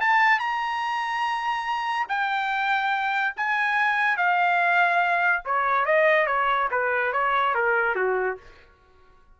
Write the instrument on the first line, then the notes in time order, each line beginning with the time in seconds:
trumpet
0.00 A5
0.39 A#5
2.08 G5
3.36 G#5
4.17 F5
5.45 C#5
5.85 D#5
6.26 C#5
6.71 B4
7.12 C#5
7.54 A#4
7.95 F#4